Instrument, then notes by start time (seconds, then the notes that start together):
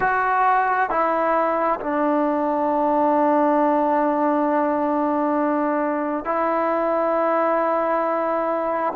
trombone
0.00 F#4
0.90 E4
1.80 D4
6.24 E4